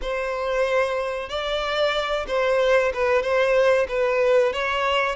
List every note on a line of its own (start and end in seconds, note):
0.01 1.29 C5
1.29 2.26 D5
2.27 2.92 C5
2.93 3.22 B4
3.22 3.87 C5
3.88 4.52 B4
4.52 5.15 C#5